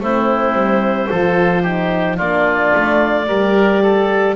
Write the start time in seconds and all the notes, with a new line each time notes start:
0.00 A3 C4 E4 C5
0.53 G3
1.09 F3 F4 A4
1.62 D#4 G4
2.17 A#3 D4 F4 D5
2.75 A3
3.27 G3 G4 A#4
3.83 A4